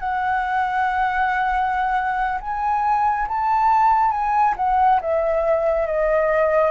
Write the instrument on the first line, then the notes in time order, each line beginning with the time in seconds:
flute
0.00 F#5
2.41 G#5
3.28 A5
4.11 G#5
4.57 F#5
5.01 E5
5.87 D#5